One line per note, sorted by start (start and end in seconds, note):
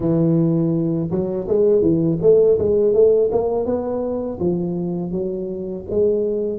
0.00 1.10 E3
1.10 1.47 F#3
1.48 1.81 G#3
1.81 2.18 E3
2.21 2.58 A3
2.58 2.93 G#3
2.93 3.30 A3
3.31 3.65 A#3
3.65 4.38 B3
4.39 5.11 F3
5.11 5.84 F#3
5.89 6.59 G#3